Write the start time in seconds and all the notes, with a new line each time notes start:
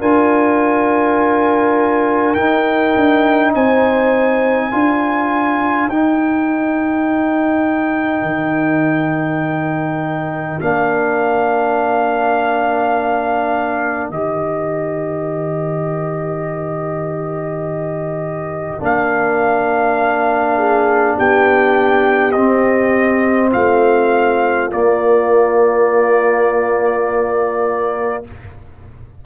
0.00 D4 F4 A#4 G#5
2.34 D#4 G5
2.96 D4
3.54 C4 C5 G#5
4.70 D4 F4 A#4
5.88 D#4 G5
8.22 D#3
10.61 A#3 D4 F5
14.10 D#3 G4 D#5
18.80 A#3 D4 F5
20.57 G#4
21.17 B3 G4 G5
22.32 C4 D#5
23.51 A3 F4 F5
24.71 A#3 D5